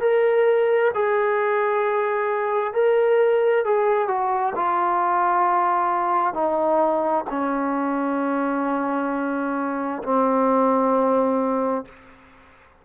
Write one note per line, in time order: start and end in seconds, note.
0.00 0.91 A#4
0.94 2.73 G#4
2.73 3.64 A#4
3.64 4.07 G#4
4.07 4.53 F#4
4.55 6.33 F4
6.33 7.24 D#4
7.30 10.02 C#4
10.03 11.85 C4